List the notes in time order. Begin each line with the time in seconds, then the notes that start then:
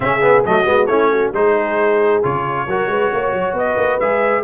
0.00 C#3 C#4 G#4 E5
0.21 B3
0.44 F#3 A3 F#4 D#5
0.65 G#3 B3
0.86 A3 C#4 E4 C#5
1.11 F#4
1.33 G#3 D#4 G#4 C5
2.22 C#3 F4 C#5
2.67 F#3 F#4 A#4
2.87 G#3 B4
3.12 A#3 C#5
3.32 F#3
3.53 B3 B4 D#5
3.76 A#3
3.99 G#3 G#4 E5